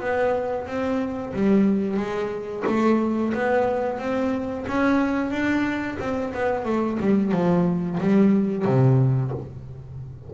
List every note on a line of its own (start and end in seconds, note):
0.00 0.66 B3
0.66 1.33 C4
1.33 1.97 G3
1.97 2.64 G#3
2.66 3.33 A3
3.34 3.99 B3
3.99 4.65 C4
4.68 5.31 C#4
5.31 5.98 D4
5.99 6.33 C4
6.34 6.65 B3
6.65 6.98 A3
7.00 7.32 G3
7.32 7.98 F3
8.00 8.65 G3
8.65 9.32 C3